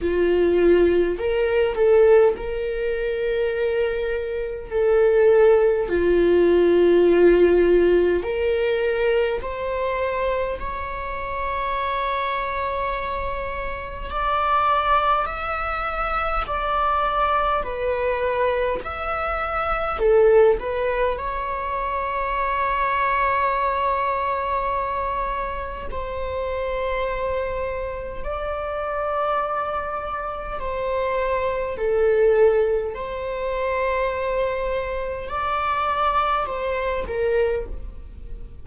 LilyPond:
\new Staff \with { instrumentName = "viola" } { \time 4/4 \tempo 4 = 51 f'4 ais'8 a'8 ais'2 | a'4 f'2 ais'4 | c''4 cis''2. | d''4 e''4 d''4 b'4 |
e''4 a'8 b'8 cis''2~ | cis''2 c''2 | d''2 c''4 a'4 | c''2 d''4 c''8 ais'8 | }